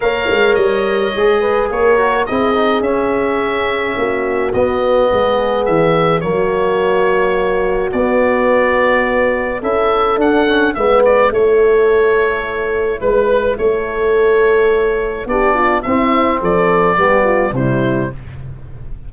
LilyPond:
<<
  \new Staff \with { instrumentName = "oboe" } { \time 4/4 \tempo 4 = 106 f''4 dis''2 cis''4 | dis''4 e''2. | dis''2 e''4 cis''4~ | cis''2 d''2~ |
d''4 e''4 fis''4 e''8 d''8 | cis''2. b'4 | cis''2. d''4 | e''4 d''2 c''4 | }
  \new Staff \with { instrumentName = "horn" } { \time 4/4 cis''2~ cis''8 b'8 ais'4 | gis'2. fis'4~ | fis'4 gis'2 fis'4~ | fis'1~ |
fis'4 a'2 b'4 | a'2. b'4 | a'2. g'8 f'8 | e'4 a'4 g'8 f'8 e'4 | }
  \new Staff \with { instrumentName = "trombone" } { \time 4/4 ais'2 gis'4. fis'8 | e'8 dis'8 cis'2. | b2. ais4~ | ais2 b2~ |
b4 e'4 d'8 cis'8 b4 | e'1~ | e'2. d'4 | c'2 b4 g4 | }
  \new Staff \with { instrumentName = "tuba" } { \time 4/4 ais8 gis8 g4 gis4 ais4 | c'4 cis'2 ais4 | b4 gis4 e4 fis4~ | fis2 b2~ |
b4 cis'4 d'4 gis4 | a2. gis4 | a2. b4 | c'4 f4 g4 c4 | }
>>